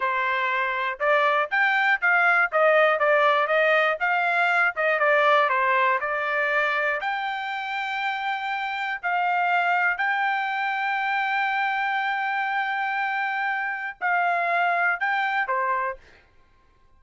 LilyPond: \new Staff \with { instrumentName = "trumpet" } { \time 4/4 \tempo 4 = 120 c''2 d''4 g''4 | f''4 dis''4 d''4 dis''4 | f''4. dis''8 d''4 c''4 | d''2 g''2~ |
g''2 f''2 | g''1~ | g''1 | f''2 g''4 c''4 | }